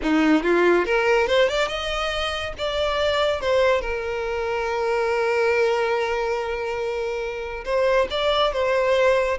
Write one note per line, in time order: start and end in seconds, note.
0.02 0.43 D#4
0.43 0.85 F4
0.85 1.27 A#4
1.27 1.48 C5
1.49 1.68 D5
1.68 2.53 D#5
2.58 3.40 D5
3.40 3.81 C5
3.81 7.64 A#4
7.65 8.07 C5
8.10 8.52 D5
8.52 9.37 C5